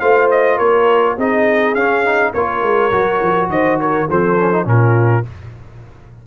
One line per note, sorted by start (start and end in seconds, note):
0.00 0.60 A3
0.00 1.18 F4
0.00 0.57 C5
0.00 0.29 F5
0.31 0.58 D#5
0.57 1.18 A#3
0.57 1.16 A#4
0.57 1.17 C#5
1.17 1.75 C4
1.17 1.77 D#4
1.17 2.33 G#4
1.17 1.75 D#5
1.75 2.33 C#4
1.75 2.05 C#4
1.75 2.33 F5
2.05 2.34 D#4
2.34 2.63 A#3
2.34 2.92 F4
2.34 3.51 A#4
2.34 3.50 C#5
2.63 2.92 G#3
2.92 3.21 F#3
2.92 4.08 F#4
3.21 3.49 F3
3.49 4.07 D#3
3.49 3.81 C5
3.49 3.80 D#5
3.81 4.09 A#4
3.81 4.10 C#5
4.09 4.66 F3
4.09 4.38 C4
4.09 4.68 A4
4.09 4.69 C5
4.38 4.52 C#4
4.52 4.65 D#4
4.65 5.24 A#2
4.65 5.23 C#4
4.65 5.27 F4
4.65 5.27 A#4